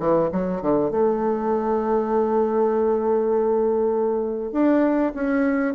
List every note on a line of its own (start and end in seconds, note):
0.00 0.30 E3
0.33 0.62 F#3
0.62 0.91 D3
0.91 4.53 A3
4.53 5.13 D4
5.15 5.75 C#4